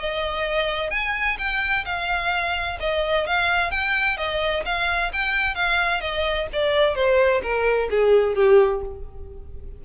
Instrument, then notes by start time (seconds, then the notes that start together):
violin
0.00 D#5
0.91 G#5
1.39 G5
1.85 F5
2.81 D#5
3.27 F5
3.71 G5
4.18 D#5
4.66 F5
5.13 G5
5.55 F5
6.01 D#5
6.53 D5
6.95 C5
7.42 A#4
7.90 G#4
8.35 G4